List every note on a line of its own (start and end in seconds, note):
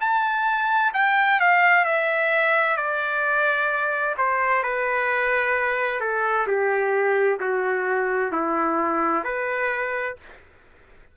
0.00 0.92 A5
0.93 1.39 G5
1.40 1.84 F5
1.84 2.76 E5
2.76 4.15 D5
4.17 4.63 C5
4.63 6.00 B4
6.00 6.46 A4
6.47 7.39 G4
7.39 8.32 F#4
8.32 9.23 E4
9.23 10.16 B4